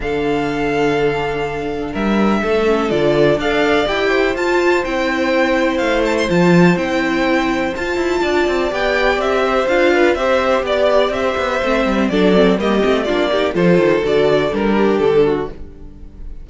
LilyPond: <<
  \new Staff \with { instrumentName = "violin" } { \time 4/4 \tempo 4 = 124 f''1 | e''2 d''4 f''4 | g''4 a''4 g''2 | f''8 a''16 c'''16 a''4 g''2 |
a''2 g''4 e''4 | f''4 e''4 d''4 e''4~ | e''4 d''4 dis''4 d''4 | c''4 d''4 ais'4 a'4 | }
  \new Staff \with { instrumentName = "violin" } { \time 4/4 a'1 | ais'4 a'2 d''4~ | d''8 c''2.~ c''8~ | c''1~ |
c''4 d''2~ d''8 c''8~ | c''8 b'8 c''4 d''4 c''4~ | c''4 a'4 g'4 f'8 g'8 | a'2~ a'8 g'4 fis'8 | }
  \new Staff \with { instrumentName = "viola" } { \time 4/4 d'1~ | d'4. cis'8 f'4 a'4 | g'4 f'4 e'2~ | e'4 f'4 e'2 |
f'2 g'2 | f'4 g'2. | c'4 d'8 c'8 ais8 c'8 d'8 dis'8 | f'4 fis'4 d'2 | }
  \new Staff \with { instrumentName = "cello" } { \time 4/4 d1 | g4 a4 d4 d'4 | e'4 f'4 c'2 | a4 f4 c'2 |
f'8 e'8 d'8 c'8 b4 c'4 | d'4 c'4 b4 c'8 b8 | a8 g8 fis4 g8 a8 ais4 | f8 dis8 d4 g4 d4 | }
>>